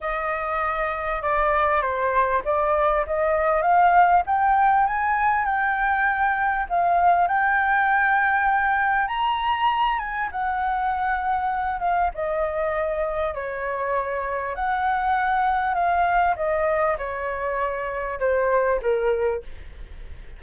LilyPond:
\new Staff \with { instrumentName = "flute" } { \time 4/4 \tempo 4 = 99 dis''2 d''4 c''4 | d''4 dis''4 f''4 g''4 | gis''4 g''2 f''4 | g''2. ais''4~ |
ais''8 gis''8 fis''2~ fis''8 f''8 | dis''2 cis''2 | fis''2 f''4 dis''4 | cis''2 c''4 ais'4 | }